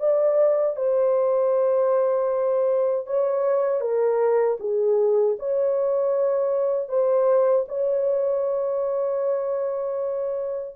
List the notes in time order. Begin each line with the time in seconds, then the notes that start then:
0.00 D5
0.76 C5
3.06 C#5
3.80 A#4
4.60 G#4
5.39 C#5
6.89 C5
7.68 C#5